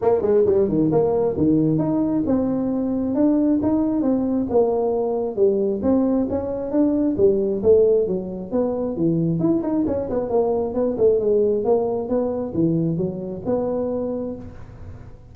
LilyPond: \new Staff \with { instrumentName = "tuba" } { \time 4/4 \tempo 4 = 134 ais8 gis8 g8 dis8 ais4 dis4 | dis'4 c'2 d'4 | dis'4 c'4 ais2 | g4 c'4 cis'4 d'4 |
g4 a4 fis4 b4 | e4 e'8 dis'8 cis'8 b8 ais4 | b8 a8 gis4 ais4 b4 | e4 fis4 b2 | }